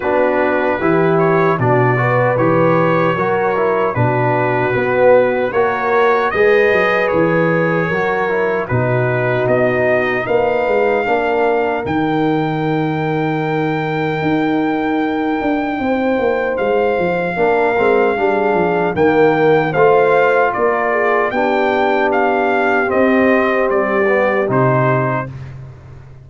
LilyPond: <<
  \new Staff \with { instrumentName = "trumpet" } { \time 4/4 \tempo 4 = 76 b'4. cis''8 d''4 cis''4~ | cis''4 b'2 cis''4 | dis''4 cis''2 b'4 | dis''4 f''2 g''4~ |
g''1~ | g''4 f''2. | g''4 f''4 d''4 g''4 | f''4 dis''4 d''4 c''4 | }
  \new Staff \with { instrumentName = "horn" } { \time 4/4 fis'4 g'4 fis'8 b'4. | ais'4 fis'2 ais'4 | b'2 ais'4 fis'4~ | fis'4 b'4 ais'2~ |
ais'1 | c''2 ais'4 gis'4 | ais'4 c''4 ais'8 gis'8 g'4~ | g'1 | }
  \new Staff \with { instrumentName = "trombone" } { \time 4/4 d'4 e'4 d'8 fis'8 g'4 | fis'8 e'8 d'4 b4 fis'4 | gis'2 fis'8 e'8 dis'4~ | dis'2 d'4 dis'4~ |
dis'1~ | dis'2 d'8 c'8 d'4 | ais4 f'2 d'4~ | d'4 c'4. b8 dis'4 | }
  \new Staff \with { instrumentName = "tuba" } { \time 4/4 b4 e4 b,4 e4 | fis4 b,4 b4 ais4 | gis8 fis8 e4 fis4 b,4 | b4 ais8 gis8 ais4 dis4~ |
dis2 dis'4. d'8 | c'8 ais8 gis8 f8 ais8 gis8 g8 f8 | dis4 a4 ais4 b4~ | b4 c'4 g4 c4 | }
>>